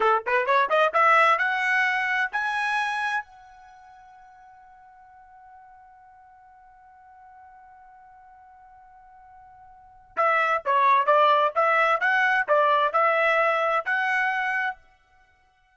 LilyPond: \new Staff \with { instrumentName = "trumpet" } { \time 4/4 \tempo 4 = 130 a'8 b'8 cis''8 dis''8 e''4 fis''4~ | fis''4 gis''2 fis''4~ | fis''1~ | fis''1~ |
fis''1~ | fis''2 e''4 cis''4 | d''4 e''4 fis''4 d''4 | e''2 fis''2 | }